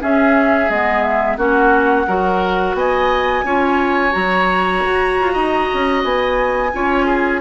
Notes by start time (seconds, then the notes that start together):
0.00 C#4 G#4 E5
0.69 G#3 B3 D#5
1.02 E5
1.37 A#3 C#4 F#4 F#5
2.07 F#3 F#4 A#4
2.74 B3 D#5 G#5
3.43 C#4 F4 C#5
4.11 F#3 F#4 A#5
4.85 F#4
5.20 F4
5.33 D#4 D#5
5.73 C#4
6.03 B3 G#5
6.73 C#4 F4 C#5
7.06 G#4